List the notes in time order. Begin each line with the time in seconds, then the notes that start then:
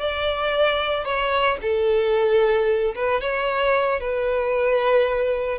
0.00 D5
1.04 C#5
1.61 A4
2.95 B4
3.21 C#5
4.00 B4